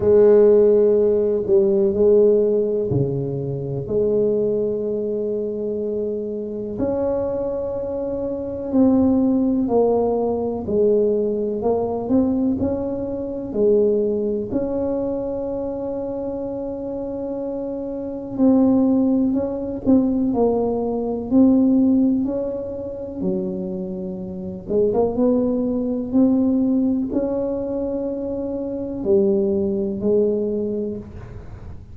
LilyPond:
\new Staff \with { instrumentName = "tuba" } { \time 4/4 \tempo 4 = 62 gis4. g8 gis4 cis4 | gis2. cis'4~ | cis'4 c'4 ais4 gis4 | ais8 c'8 cis'4 gis4 cis'4~ |
cis'2. c'4 | cis'8 c'8 ais4 c'4 cis'4 | fis4. gis16 ais16 b4 c'4 | cis'2 g4 gis4 | }